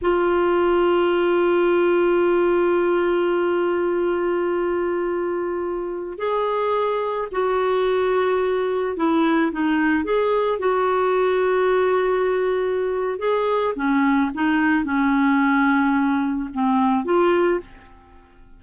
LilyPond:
\new Staff \with { instrumentName = "clarinet" } { \time 4/4 \tempo 4 = 109 f'1~ | f'1~ | f'2.~ f'16 gis'8.~ | gis'4~ gis'16 fis'2~ fis'8.~ |
fis'16 e'4 dis'4 gis'4 fis'8.~ | fis'1 | gis'4 cis'4 dis'4 cis'4~ | cis'2 c'4 f'4 | }